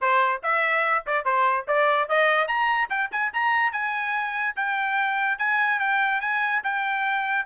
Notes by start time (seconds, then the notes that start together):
0.01 C5
0.43 E5
1.06 D5
1.24 C5
1.67 D5
2.08 D#5
2.47 A#5
2.89 G5
3.11 G#5
3.33 A#5
3.72 G#5
4.55 G5
5.38 G#5
5.79 G5
6.21 G#5
6.63 G5